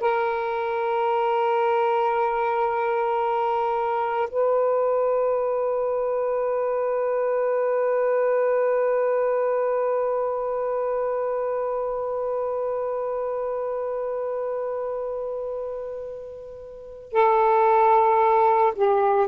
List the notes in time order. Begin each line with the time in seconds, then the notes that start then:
0.00 A#4
4.30 B4
17.12 A4
18.75 G4